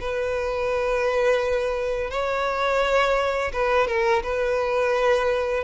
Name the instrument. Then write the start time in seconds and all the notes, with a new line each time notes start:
violin
0.00 B4
2.10 C#5
3.52 B4
3.87 A#4
4.23 B4